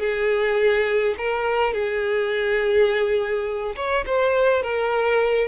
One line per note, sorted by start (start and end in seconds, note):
0.00 1.15 G#4
1.18 1.74 A#4
1.74 3.76 G#4
3.76 4.05 C#5
4.07 4.63 C5
4.63 5.48 A#4